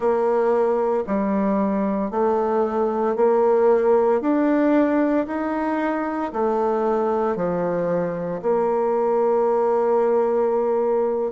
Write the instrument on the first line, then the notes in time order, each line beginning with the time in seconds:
bassoon
0.00 A#3
1.06 G3
2.11 A3
3.16 A#3
4.21 D4
5.26 D#4
6.33 A3
7.35 F3
8.42 A#3